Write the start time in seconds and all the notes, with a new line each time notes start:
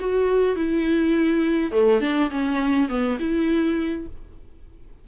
0.00 F#4
0.56 E4
1.72 A3
2.01 D4
2.31 C#4
2.89 B3
3.20 E4